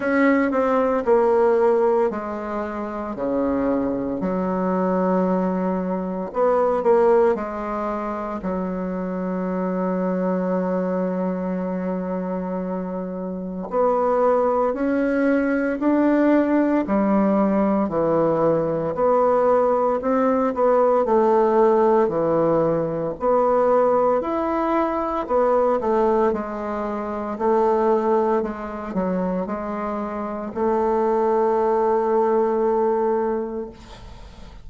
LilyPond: \new Staff \with { instrumentName = "bassoon" } { \time 4/4 \tempo 4 = 57 cis'8 c'8 ais4 gis4 cis4 | fis2 b8 ais8 gis4 | fis1~ | fis4 b4 cis'4 d'4 |
g4 e4 b4 c'8 b8 | a4 e4 b4 e'4 | b8 a8 gis4 a4 gis8 fis8 | gis4 a2. | }